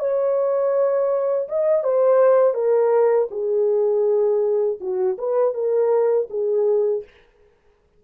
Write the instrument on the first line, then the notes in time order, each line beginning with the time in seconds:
horn
0.00 C#5
1.49 D#5
1.84 C5
2.55 A#4
3.31 G#4
4.80 F#4
5.18 B4
5.54 A#4
6.30 G#4